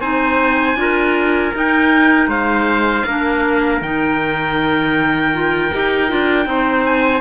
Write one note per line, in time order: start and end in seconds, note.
0.00 0.76 C4
0.00 0.77 D#4
0.00 0.77 C5
0.00 1.53 G#5
0.76 1.52 D4
0.76 1.53 F4
0.76 2.30 A#4
1.54 3.06 D#4
1.54 2.27 D#4
1.54 2.30 G5
2.27 3.03 G#3
2.27 3.06 C5
2.27 3.82 F5
3.06 3.81 A#3
3.06 3.83 D4
3.06 6.49 A#4
3.81 5.71 D#3
3.81 5.33 D#4
3.81 6.85 G5
5.33 5.71 F4
5.72 6.12 D#4
5.72 6.08 G4
6.08 6.46 D4
6.08 6.44 F4
6.44 7.22 C4
6.44 7.20 D#4
6.44 7.22 C5
6.85 7.22 G#5